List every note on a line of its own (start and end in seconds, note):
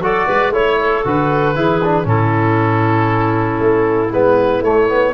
0.00 0.26 F#3
0.00 0.53 F#4
0.00 0.27 A4
0.00 0.53 D5
0.27 0.50 G#3
0.27 0.53 B4
0.50 1.01 A3
0.50 1.05 E4
0.50 1.05 C#5
0.50 0.80 C#5
0.80 1.56 A4
1.05 1.56 D3
1.05 1.55 F#4
1.05 2.08 B4
1.55 2.05 E3
1.55 1.81 E4
1.55 2.06 G#4
1.84 2.04 D4
2.04 3.59 A2
2.04 4.09 C#4
2.04 5.14 E4
2.04 4.13 A4
3.60 4.11 A3
4.12 4.61 G#3
4.12 4.64 B3
4.12 4.64 B4
4.61 5.12 A3
4.61 4.89 A3
4.61 5.14 C#5
4.89 5.14 B3